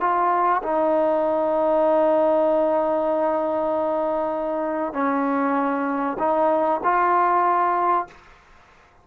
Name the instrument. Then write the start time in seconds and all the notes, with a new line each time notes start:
trombone
0.00 F4
0.63 D#4
4.93 C#4
6.19 D#4
6.83 F4